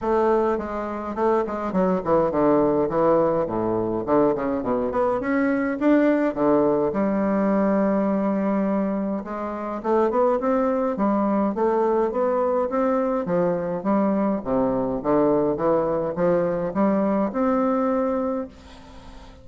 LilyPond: \new Staff \with { instrumentName = "bassoon" } { \time 4/4 \tempo 4 = 104 a4 gis4 a8 gis8 fis8 e8 | d4 e4 a,4 d8 cis8 | b,8 b8 cis'4 d'4 d4 | g1 |
gis4 a8 b8 c'4 g4 | a4 b4 c'4 f4 | g4 c4 d4 e4 | f4 g4 c'2 | }